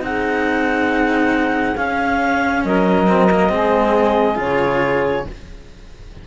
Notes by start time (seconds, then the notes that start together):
0.00 C4 D#4 G#4 F#5
1.76 C#4 F5
2.64 F#3 A#4 D#5
3.07 C4
3.31 A#3
3.49 G#3 C4 G#4
4.34 C#3 F4 C#5